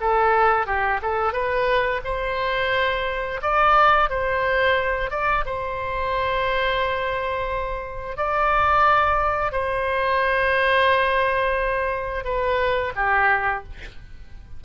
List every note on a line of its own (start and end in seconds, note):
0.00 0.66 A4
0.66 1.00 G4
1.02 1.32 A4
1.32 2.01 B4
2.04 3.40 C5
3.42 4.09 D5
4.09 5.10 C5
5.10 5.44 D5
5.45 8.16 C5
8.16 9.52 D5
9.52 12.24 C5
12.24 12.92 B4
12.95 13.63 G4